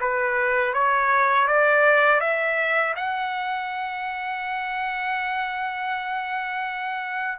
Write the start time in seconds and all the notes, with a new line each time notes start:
0.00 B4
0.73 C#5
1.47 D5
2.20 E5
2.96 F#5